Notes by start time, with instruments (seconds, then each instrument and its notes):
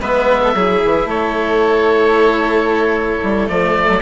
0.00 bassoon G#3, cello B3, violin B4, oboe E5
0.43 violin A4
0.55 bassoon F#3, cello E4, violin G#4
0.85 bassoon E3
1.06 bassoon A3, violin A4, oboe C#5
3.24 bassoon G3
3.47 bassoon F3, cello A3, oboe D5
3.89 bassoon F#3